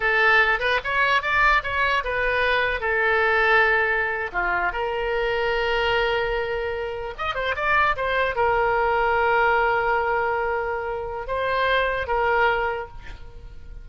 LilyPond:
\new Staff \with { instrumentName = "oboe" } { \time 4/4 \tempo 4 = 149 a'4. b'8 cis''4 d''4 | cis''4 b'2 a'4~ | a'2~ a'8. f'4 ais'16~ | ais'1~ |
ais'4.~ ais'16 dis''8 c''8 d''4 c''16~ | c''8. ais'2.~ ais'16~ | ais'1 | c''2 ais'2 | }